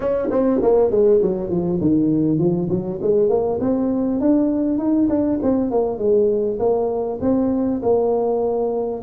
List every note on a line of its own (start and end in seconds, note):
0.00 0.29 C#4
0.30 0.60 C4
0.62 0.90 A#3
0.90 1.20 G#3
1.22 1.50 F#3
1.50 1.80 F3
1.80 2.38 D#3
2.38 2.68 F3
2.69 2.99 F#3
3.01 3.29 G#3
3.29 3.59 A#3
3.60 4.20 C4
4.20 4.78 D4
4.78 5.08 D#4
5.09 5.39 D4
5.42 5.70 C4
5.70 5.98 A#3
5.98 6.58 G#3
6.59 7.19 A#3
7.21 7.81 C4
7.82 9.02 A#3